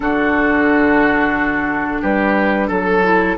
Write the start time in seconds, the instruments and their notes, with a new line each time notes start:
0.00 bassoon D3, clarinet D4, oboe F#4, flute A4
2.01 bassoon G3, oboe G4, flute B4
2.67 bassoon F#3, oboe A4, flute A4
3.03 clarinet E4